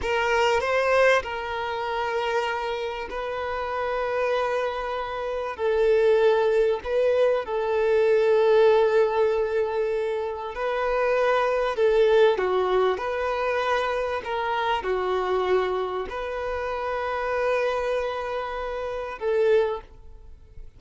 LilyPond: \new Staff \with { instrumentName = "violin" } { \time 4/4 \tempo 4 = 97 ais'4 c''4 ais'2~ | ais'4 b'2.~ | b'4 a'2 b'4 | a'1~ |
a'4 b'2 a'4 | fis'4 b'2 ais'4 | fis'2 b'2~ | b'2. a'4 | }